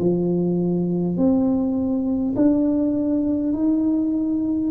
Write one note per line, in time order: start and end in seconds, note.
0.00 1.18 F3
1.18 2.35 C4
2.36 3.53 D4
3.53 4.71 D#4